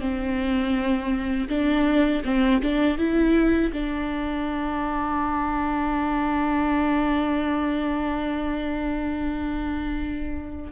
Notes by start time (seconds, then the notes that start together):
0.00 C4
1.48 D4
2.25 C4
2.62 D4
2.98 E4
3.73 D4